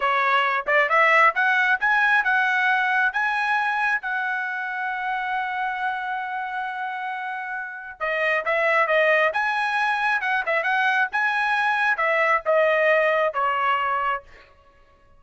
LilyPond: \new Staff \with { instrumentName = "trumpet" } { \time 4/4 \tempo 4 = 135 cis''4. d''8 e''4 fis''4 | gis''4 fis''2 gis''4~ | gis''4 fis''2.~ | fis''1~ |
fis''2 dis''4 e''4 | dis''4 gis''2 fis''8 e''8 | fis''4 gis''2 e''4 | dis''2 cis''2 | }